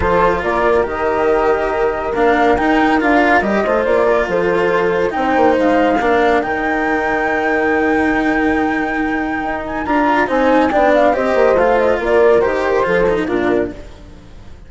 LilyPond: <<
  \new Staff \with { instrumentName = "flute" } { \time 4/4 \tempo 4 = 140 c''4 d''4 dis''2~ | dis''4 f''4 g''4 f''4 | dis''4 d''4 c''2 | g''4 f''2 g''4~ |
g''1~ | g''2~ g''8 gis''8 ais''4 | gis''4 g''8 f''8 dis''4 f''8 dis''8 | d''4 c''2 ais'4 | }
  \new Staff \with { instrumentName = "horn" } { \time 4/4 a'4 ais'2.~ | ais'1~ | ais'8 c''4 ais'8 a'2 | c''2 ais'2~ |
ais'1~ | ais'1 | c''4 d''4 c''2 | ais'2 a'4 f'4 | }
  \new Staff \with { instrumentName = "cello" } { \time 4/4 f'2 g'2~ | g'4 d'4 dis'4 f'4 | g'8 f'2.~ f'8 | dis'2 d'4 dis'4~ |
dis'1~ | dis'2. f'4 | dis'4 d'4 g'4 f'4~ | f'4 g'4 f'8 dis'8 d'4 | }
  \new Staff \with { instrumentName = "bassoon" } { \time 4/4 f4 ais4 dis2~ | dis4 ais4 dis'4 d'4 | g8 a8 ais4 f2 | c'8 ais8 gis4 ais4 dis4~ |
dis1~ | dis2 dis'4 d'4 | c'4 b4 c'8 ais8 a4 | ais4 dis4 f4 ais,4 | }
>>